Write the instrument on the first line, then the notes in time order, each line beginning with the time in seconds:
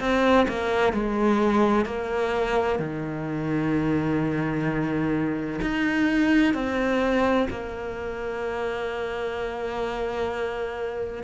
cello
0.00 C4
0.49 A#3
0.93 G#3
1.86 A#3
2.79 D#3
5.62 D#4
6.54 C4
7.50 A#3